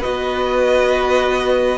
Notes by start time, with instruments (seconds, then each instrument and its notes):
0.00 cello B3, viola F#4, violin B4 D#5